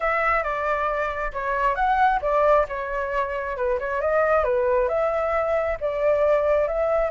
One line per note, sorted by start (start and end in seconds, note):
0.00 0.43 E5
0.43 1.32 D5
1.33 1.75 C#5
1.75 2.19 F#5
2.21 2.66 D5
2.68 3.56 C#5
3.56 3.78 B4
3.79 4.01 C#5
4.01 4.43 D#5
4.43 4.88 B4
4.88 5.77 E5
5.80 6.67 D5
6.67 7.10 E5